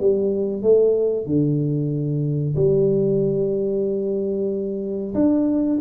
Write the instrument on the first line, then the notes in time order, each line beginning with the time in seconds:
tuba
0.00 G3
0.62 A3
1.26 D3
2.56 G3
5.15 D4